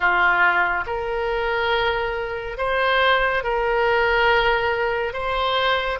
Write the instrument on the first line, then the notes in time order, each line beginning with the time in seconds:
oboe
0.00 F4
0.86 A#4
2.57 C5
3.43 A#4
5.13 C5